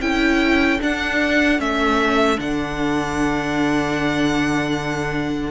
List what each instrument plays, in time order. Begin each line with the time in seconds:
0.00 cello C#4, viola E4, violin A4 G5
0.80 viola D4, cello D4, violin F#5
1.58 cello A3, viola C#4, violin E5
2.37 cello D3, viola D4, violin F#5